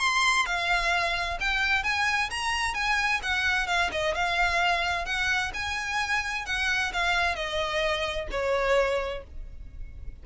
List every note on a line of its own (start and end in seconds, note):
0.00 0.46 C6
0.47 1.39 F5
1.41 1.84 G5
1.84 2.30 G#5
2.31 2.75 A#5
2.75 3.21 G#5
3.23 3.68 F#5
3.68 3.91 F5
3.92 4.15 D#5
4.15 5.06 F5
5.06 5.52 F#5
5.54 6.46 G#5
6.46 6.93 F#5
6.93 7.36 F5
7.36 8.28 D#5
8.32 9.24 C#5